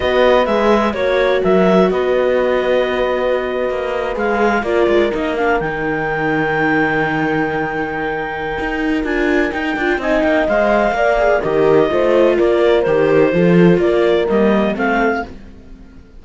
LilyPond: <<
  \new Staff \with { instrumentName = "clarinet" } { \time 4/4 \tempo 4 = 126 dis''4 e''4 cis''4 e''4 | dis''1~ | dis''8. f''4 d''4 dis''8 f''8 g''16~ | g''1~ |
g''2. gis''4 | g''4 gis''8 g''8 f''2 | dis''2 d''4 c''4~ | c''4 d''4 dis''4 f''4 | }
  \new Staff \with { instrumentName = "horn" } { \time 4/4 b'2 cis''4 ais'4 | b'1~ | b'4.~ b'16 ais'2~ ais'16~ | ais'1~ |
ais'1~ | ais'4 dis''2 d''4 | ais'4 c''4 ais'2 | a'4 ais'2 a'4 | }
  \new Staff \with { instrumentName = "viola" } { \time 4/4 fis'4 gis'4 fis'2~ | fis'1~ | fis'8. gis'4 f'4 dis'8 d'8 dis'16~ | dis'1~ |
dis'2. f'4 | dis'8 f'8 dis'4 c''4 ais'8 gis'8 | g'4 f'2 g'4 | f'2 ais4 c'4 | }
  \new Staff \with { instrumentName = "cello" } { \time 4/4 b4 gis4 ais4 fis4 | b2.~ b8. ais16~ | ais8. gis4 ais8 gis8 ais4 dis16~ | dis1~ |
dis2 dis'4 d'4 | dis'8 d'8 c'8 ais8 gis4 ais4 | dis4 a4 ais4 dis4 | f4 ais4 g4 a4 | }
>>